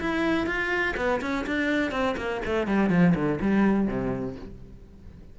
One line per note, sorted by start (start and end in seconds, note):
0.00 0.46 E4
0.46 0.95 F4
0.96 1.20 B3
1.21 1.45 C#4
1.46 1.91 D4
1.91 2.15 C4
2.17 2.41 A#3
2.45 2.67 A3
2.67 2.89 G3
2.89 3.14 F3
3.15 3.39 D3
3.40 3.87 G3
3.87 4.35 C3